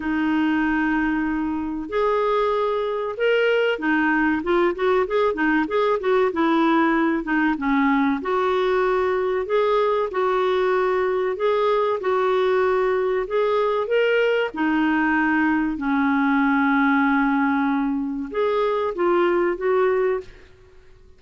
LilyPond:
\new Staff \with { instrumentName = "clarinet" } { \time 4/4 \tempo 4 = 95 dis'2. gis'4~ | gis'4 ais'4 dis'4 f'8 fis'8 | gis'8 dis'8 gis'8 fis'8 e'4. dis'8 | cis'4 fis'2 gis'4 |
fis'2 gis'4 fis'4~ | fis'4 gis'4 ais'4 dis'4~ | dis'4 cis'2.~ | cis'4 gis'4 f'4 fis'4 | }